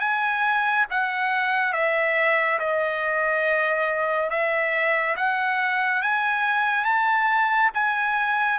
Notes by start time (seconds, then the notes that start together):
0.00 G#5
0.90 F#5
1.73 E5
2.59 D#5
4.30 E5
5.16 F#5
6.02 G#5
6.85 A5
7.74 G#5